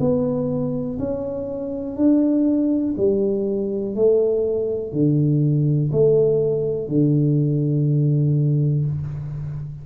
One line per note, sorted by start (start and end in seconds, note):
0.00 0.98 B3
0.99 1.96 C#4
1.96 2.95 D4
2.97 3.95 G3
3.95 4.92 A3
4.92 5.91 D3
5.92 6.88 A3
6.88 8.85 D3